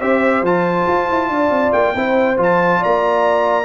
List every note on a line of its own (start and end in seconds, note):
0.00 0.42 C4
0.00 0.44 G4
0.00 1.29 C5
0.00 0.44 E5
0.42 0.85 F3
0.42 1.96 F4
0.42 1.72 A5
0.87 1.09 F4
1.10 1.29 E4
1.29 1.50 D4
1.29 1.95 D5
1.50 1.72 C4
1.72 1.94 A#3
1.72 2.37 G5
1.95 2.38 C4
1.95 2.37 E4
1.95 2.79 C5
2.37 2.81 F3
2.37 3.65 F4
2.37 2.84 A5
2.79 3.65 D5
2.79 3.65 A#5
2.86 3.65 A#3